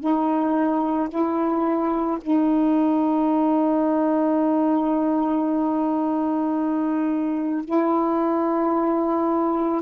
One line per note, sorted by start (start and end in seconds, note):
0.00 1.09 D#4
1.10 2.19 E4
2.22 7.65 D#4
7.65 9.82 E4